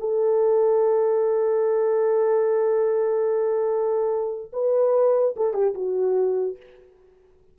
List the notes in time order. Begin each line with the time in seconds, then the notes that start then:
0.00 A4
4.53 B4
5.37 A4
5.54 G4
5.75 F#4